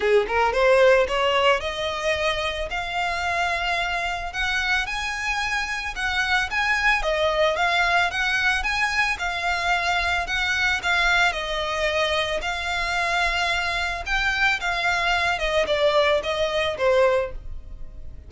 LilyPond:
\new Staff \with { instrumentName = "violin" } { \time 4/4 \tempo 4 = 111 gis'8 ais'8 c''4 cis''4 dis''4~ | dis''4 f''2. | fis''4 gis''2 fis''4 | gis''4 dis''4 f''4 fis''4 |
gis''4 f''2 fis''4 | f''4 dis''2 f''4~ | f''2 g''4 f''4~ | f''8 dis''8 d''4 dis''4 c''4 | }